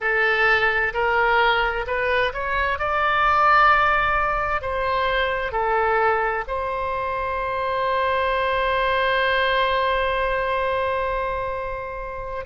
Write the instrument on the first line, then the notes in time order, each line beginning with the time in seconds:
oboe
0.00 A4
0.93 A#4
1.86 B4
2.33 C#5
2.79 D5
4.61 C5
5.52 A4
6.47 C5